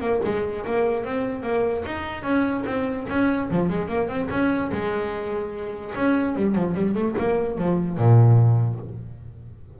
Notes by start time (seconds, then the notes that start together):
0.00 A#3
0.24 G#3
0.66 A#3
1.04 C4
1.42 A#3
1.85 D#4
2.23 C#4
2.66 C4
3.09 C#4
3.51 F3
3.69 G#3
3.88 A#3
4.08 C4
4.30 C#4
4.71 G#3
5.95 C#4
6.36 G3
6.55 F3
6.75 G3
6.94 A3
7.18 A#3
7.58 F3
7.98 A#2